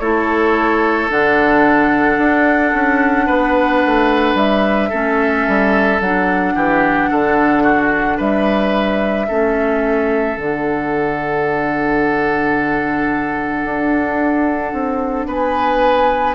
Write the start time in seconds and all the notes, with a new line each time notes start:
0.00 A3 E4 A4 C#5
1.09 D3 D4 F#5
2.18 D4
2.74 C#4
3.26 B3 B4
3.86 A3
4.35 G3 E5
4.90 A3 C#4 A4
5.48 G3
6.01 F#3 D4 F#5
6.55 E3 G4
7.11 D3 A4
7.63 F#4
8.17 G3 B4 E5
9.28 A3 C#4 A4
10.36 D3 D4 F#5
13.64 D4
14.73 C4
15.27 B3 B4 G#5